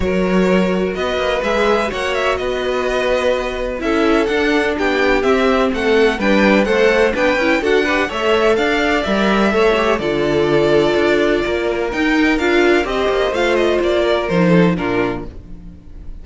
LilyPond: <<
  \new Staff \with { instrumentName = "violin" } { \time 4/4 \tempo 4 = 126 cis''2 dis''4 e''4 | fis''8 e''8 dis''2. | e''4 fis''4 g''4 e''4 | fis''4 g''4 fis''4 g''4 |
fis''4 e''4 f''4 e''4~ | e''4 d''2.~ | d''4 g''4 f''4 dis''4 | f''8 dis''8 d''4 c''4 ais'4 | }
  \new Staff \with { instrumentName = "violin" } { \time 4/4 ais'2 b'2 | cis''4 b'2. | a'2 g'2 | a'4 b'4 c''4 b'4 |
a'8 b'8 cis''4 d''2 | cis''4 a'2. | ais'2. c''4~ | c''4. ais'4 a'8 f'4 | }
  \new Staff \with { instrumentName = "viola" } { \time 4/4 fis'2. gis'4 | fis'1 | e'4 d'2 c'4~ | c'4 d'4 a'4 d'8 e'8 |
fis'8 g'8 a'2 ais'4 | a'8 g'8 f'2.~ | f'4 dis'4 f'4 g'4 | f'2 dis'4 d'4 | }
  \new Staff \with { instrumentName = "cello" } { \time 4/4 fis2 b8 ais8 gis4 | ais4 b2. | cis'4 d'4 b4 c'4 | a4 g4 a4 b8 cis'8 |
d'4 a4 d'4 g4 | a4 d2 d'4 | ais4 dis'4 d'4 c'8 ais8 | a4 ais4 f4 ais,4 | }
>>